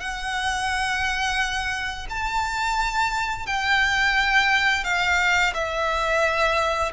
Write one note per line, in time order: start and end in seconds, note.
0.00 2.07 F#5
2.10 3.46 A5
3.46 4.84 G5
4.84 5.53 F5
5.54 6.92 E5